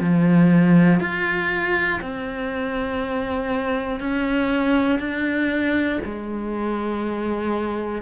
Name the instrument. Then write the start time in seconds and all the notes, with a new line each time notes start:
cello
0.00 F3
1.00 F4
2.00 C4
4.00 C#4
4.99 D4
6.05 G#3